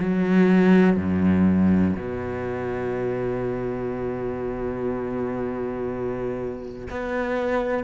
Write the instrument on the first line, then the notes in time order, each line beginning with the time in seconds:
cello
0.00 F#3
0.97 F#2
1.96 B2
6.90 B3